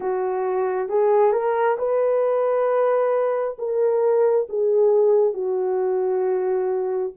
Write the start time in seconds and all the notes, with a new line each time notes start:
0.00 F#4
0.88 G#4
1.32 A#4
1.78 B4
3.58 A#4
4.49 G#4
5.33 F#4